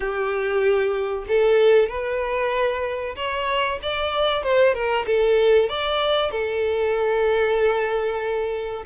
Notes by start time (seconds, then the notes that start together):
0.00 G4
1.27 A4
1.89 B4
3.16 C#5
3.82 D5
4.43 C5
4.74 A#4
5.06 A4
5.69 D5
6.31 A4